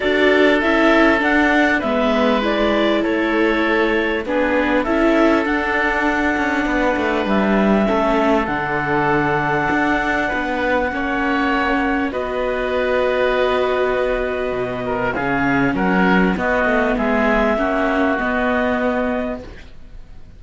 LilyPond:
<<
  \new Staff \with { instrumentName = "clarinet" } { \time 4/4 \tempo 4 = 99 d''4 e''4 fis''4 e''4 | d''4 cis''2 b'4 | e''4 fis''2. | e''2 fis''2~ |
fis''1 | dis''1~ | dis''4 f''4 fis''4 dis''4 | e''2 dis''2 | }
  \new Staff \with { instrumentName = "oboe" } { \time 4/4 a'2. b'4~ | b'4 a'2 gis'4 | a'2. b'4~ | b'4 a'2.~ |
a'4 b'4 cis''2 | b'1~ | b'8 ais'8 gis'4 ais'4 fis'4 | gis'4 fis'2. | }
  \new Staff \with { instrumentName = "viola" } { \time 4/4 fis'4 e'4 d'4 b4 | e'2. d'4 | e'4 d'2.~ | d'4 cis'4 d'2~ |
d'2 cis'2 | fis'1~ | fis'4 cis'2 b4~ | b4 cis'4 b2 | }
  \new Staff \with { instrumentName = "cello" } { \time 4/4 d'4 cis'4 d'4 gis4~ | gis4 a2 b4 | cis'4 d'4. cis'8 b8 a8 | g4 a4 d2 |
d'4 b4 ais2 | b1 | b,4 cis4 fis4 b8 a8 | gis4 ais4 b2 | }
>>